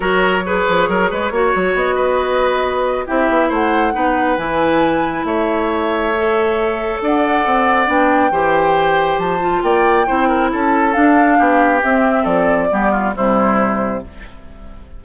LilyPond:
<<
  \new Staff \with { instrumentName = "flute" } { \time 4/4 \tempo 4 = 137 cis''1 | dis''2. e''4 | fis''2 gis''2 | e''1 |
fis''2 g''2~ | g''4 a''4 g''2 | a''4 f''2 e''4 | d''2 c''2 | }
  \new Staff \with { instrumentName = "oboe" } { \time 4/4 ais'4 b'4 ais'8 b'8 cis''4~ | cis''8 b'2~ b'8 g'4 | c''4 b'2. | cis''1 |
d''2. c''4~ | c''2 d''4 c''8 ais'8 | a'2 g'2 | a'4 g'8 f'8 e'2 | }
  \new Staff \with { instrumentName = "clarinet" } { \time 4/4 fis'4 gis'2 fis'4~ | fis'2. e'4~ | e'4 dis'4 e'2~ | e'2 a'2~ |
a'2 d'4 g'4~ | g'4. f'4. e'4~ | e'4 d'2 c'4~ | c'4 b4 g2 | }
  \new Staff \with { instrumentName = "bassoon" } { \time 4/4 fis4. f8 fis8 gis8 ais8 fis8 | b2. c'8 b8 | a4 b4 e2 | a1 |
d'4 c'4 b4 e4~ | e4 f4 ais4 c'4 | cis'4 d'4 b4 c'4 | f4 g4 c2 | }
>>